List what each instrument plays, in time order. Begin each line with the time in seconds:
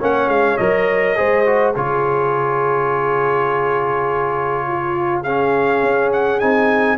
0.00 tuba A#3, trombone C#4, horn C#5, trumpet F#5
0.28 tuba G#3, trumpet F5
0.57 tuba F#3, trombone A#4, trumpet D#5
1.16 tuba G#3, trombone G#4, horn C5
1.46 trombone F#4
1.74 tuba C#3, trombone F4, horn G#4, trumpet C#5
4.68 horn F4
5.23 trombone C#4, horn G#4, trumpet F5
5.83 tuba C#4
6.13 trumpet F#5
6.40 tuba C4, trombone D#4, trumpet G#5